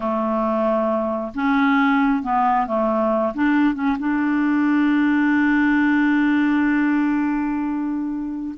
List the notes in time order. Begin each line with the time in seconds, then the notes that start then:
0.00 A3
1.34 C#4
2.22 B3
2.66 A3
3.34 D4
3.74 C#4
3.99 D4